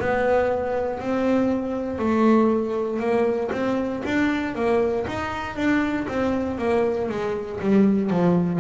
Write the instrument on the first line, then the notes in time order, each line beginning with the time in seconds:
double bass
0.00 B3
1.00 C4
1.99 A3
3.00 A#3
3.52 C4
4.05 D4
4.55 A#3
5.07 D#4
5.56 D4
6.08 C4
6.58 A#3
7.10 G#3
7.60 G3
8.11 F3